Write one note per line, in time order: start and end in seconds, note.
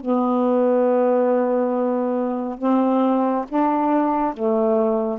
0.00 2.58 B3
2.58 3.45 C4
3.48 4.34 D4
4.34 5.19 A3